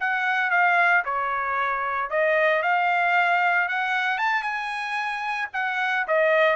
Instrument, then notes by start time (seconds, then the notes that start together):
trumpet
0.00 F#5
0.51 F5
1.05 C#5
2.10 D#5
2.63 F5
3.69 F#5
4.18 A5
4.43 G#5
5.53 F#5
6.08 D#5